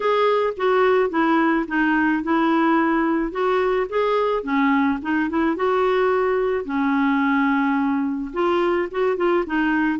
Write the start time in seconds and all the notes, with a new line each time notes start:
0.00 G#4
0.56 F#4
1.10 E4
1.67 D#4
2.23 E4
3.31 F#4
3.89 G#4
4.43 C#4
5.02 D#4
5.29 E4
5.56 F#4
6.64 C#4
8.33 F4
8.91 F#4
9.16 F4
9.46 D#4